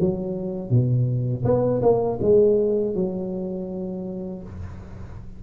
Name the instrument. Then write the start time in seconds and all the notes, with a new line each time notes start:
tuba
0.00 F#3
0.70 B2
1.44 B3
1.82 A#3
2.22 G#3
2.95 F#3